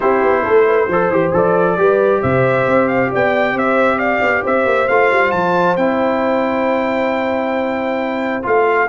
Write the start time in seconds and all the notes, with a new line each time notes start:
0.00 C4 E4 G4 C5
0.22 B3
0.43 A3 A4
0.66 B4
0.88 F3 A4 C5
1.09 E3 G4
1.33 F3 A4 D5
1.77 G3 G4 B4
2.20 C3 C5 E5
2.66 C4
2.88 F5
3.11 B3 D5 G5
3.52 C4 C5 E5
3.98 D5 F5
4.21 B3
4.43 C4 C5 E5
4.65 A#3
4.87 A3 F4 F5
5.11 G3
5.31 F3 A5
5.76 C4 E4 G5
8.42 A3 F4 F5